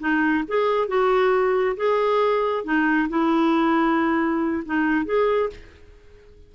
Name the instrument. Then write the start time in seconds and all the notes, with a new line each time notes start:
clarinet
0.00 D#4
0.48 G#4
0.88 F#4
1.77 G#4
2.64 D#4
3.09 E4
4.66 D#4
5.06 G#4